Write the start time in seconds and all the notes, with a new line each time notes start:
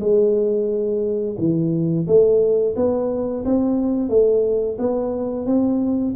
0.00 G#3
1.38 E3
2.07 A3
2.76 B3
3.45 C4
4.09 A3
4.79 B3
5.46 C4